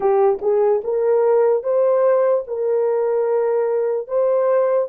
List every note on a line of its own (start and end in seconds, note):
0.00 0.39 G4
0.41 0.82 G#4
0.84 1.63 A#4
1.63 2.44 C5
2.47 4.07 A#4
4.07 4.88 C5